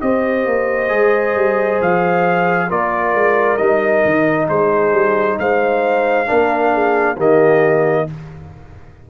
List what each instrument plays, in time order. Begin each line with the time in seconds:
0.00 tuba C4, trombone G4, horn C5, trumpet D#5
0.46 tuba A#3
0.88 tuba G#3, trombone G#4
1.35 tuba G3
1.81 tuba F3, trumpet F5
2.69 tuba A#3, trombone F4, horn A#4, trumpet D5
3.13 tuba G#3
3.57 tuba G3, trombone D#4, trumpet D#5
4.05 tuba D#3
4.48 tuba G#3, horn G#4, trumpet C5
4.92 tuba G3
5.38 tuba G#3, horn C5, trumpet F5
6.26 tuba A#3, trombone D4, horn A#4
6.73 horn G#4
7.16 tuba D#3, trombone A#3, horn G4, trumpet D#5